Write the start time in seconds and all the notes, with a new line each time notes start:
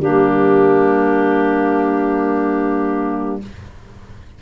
0.00 G3 A#3 D4 G4